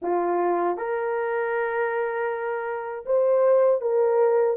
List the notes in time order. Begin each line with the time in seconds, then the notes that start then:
0.02 F4
0.77 A#4
3.06 C5
3.81 A#4